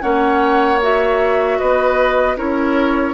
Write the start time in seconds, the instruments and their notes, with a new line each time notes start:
0.00 bassoon A#3, clarinet C#4, oboe C#5, flute F#5
0.81 clarinet F#4, flute E5
1.58 bassoon B3, oboe B4, flute D#5
2.37 bassoon C#4, clarinet E4, oboe A#4, flute C#5